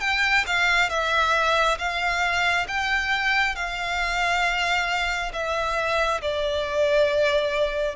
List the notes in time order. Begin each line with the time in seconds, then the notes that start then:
0.00 G5
0.46 F5
0.89 E5
1.78 F5
2.68 G5
3.55 F5
5.33 E5
6.21 D5